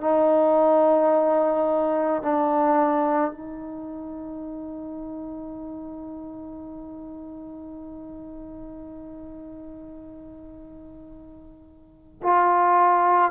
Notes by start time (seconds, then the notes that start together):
0.00 D#4
2.22 D4
3.32 D#4
12.23 F4